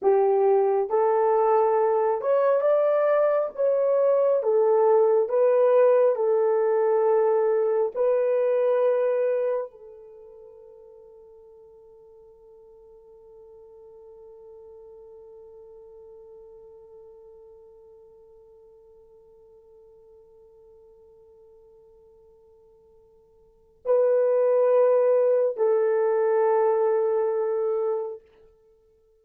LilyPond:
\new Staff \with { instrumentName = "horn" } { \time 4/4 \tempo 4 = 68 g'4 a'4. cis''8 d''4 | cis''4 a'4 b'4 a'4~ | a'4 b'2 a'4~ | a'1~ |
a'1~ | a'1~ | a'2. b'4~ | b'4 a'2. | }